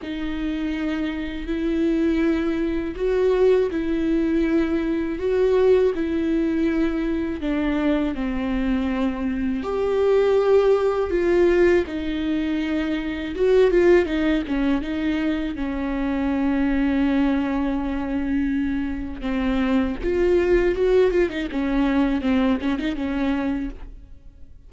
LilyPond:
\new Staff \with { instrumentName = "viola" } { \time 4/4 \tempo 4 = 81 dis'2 e'2 | fis'4 e'2 fis'4 | e'2 d'4 c'4~ | c'4 g'2 f'4 |
dis'2 fis'8 f'8 dis'8 cis'8 | dis'4 cis'2.~ | cis'2 c'4 f'4 | fis'8 f'16 dis'16 cis'4 c'8 cis'16 dis'16 cis'4 | }